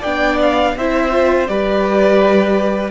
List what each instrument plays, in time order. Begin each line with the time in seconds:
0.00 cello B3, viola D4, violin D5 G5
0.42 violin F5
0.76 cello C4, viola E4, violin C5 E5
1.11 viola F4
1.47 cello G3, viola G4, violin B4 D5